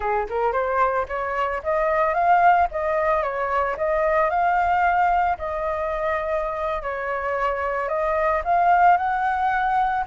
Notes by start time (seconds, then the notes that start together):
0.00 G#4
0.29 A#4
0.52 C5
1.08 C#5
1.63 D#5
2.14 F5
2.71 D#5
3.22 C#5
3.77 D#5
4.30 F5
5.38 D#5
6.82 C#5
7.88 D#5
8.44 F5
8.97 F#5